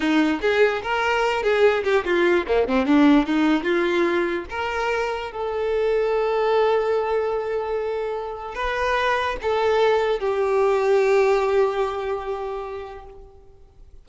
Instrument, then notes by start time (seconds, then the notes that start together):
violin
0.00 D#4
0.41 G#4
0.82 A#4
1.42 G#4
1.83 G4
2.04 F4
2.47 A#3
2.67 C4
2.86 D4
3.26 D#4
3.63 F4
4.50 A#4
5.31 A4
8.54 B4
9.41 A4
10.19 G4